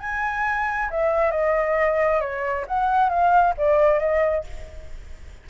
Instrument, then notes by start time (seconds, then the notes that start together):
flute
0.00 G#5
0.90 E5
1.31 D#5
2.21 C#5
2.68 F#5
3.09 F5
3.57 D5
4.00 D#5